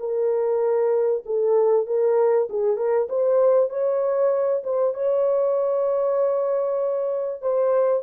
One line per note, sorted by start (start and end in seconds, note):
0.00 1.24 A#4
1.26 1.86 A4
1.86 2.48 A#4
2.50 2.77 G#4
2.77 3.08 A#4
3.10 3.70 C5
3.70 4.63 C#5
4.64 4.94 C5
4.94 7.42 C#5
7.42 8.03 C5